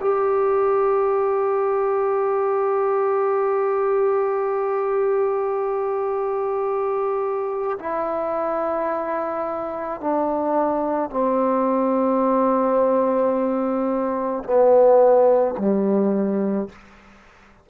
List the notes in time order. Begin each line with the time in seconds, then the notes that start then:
0.00 G4
7.79 E4
10.01 D4
11.10 C4
14.43 B3
15.58 G3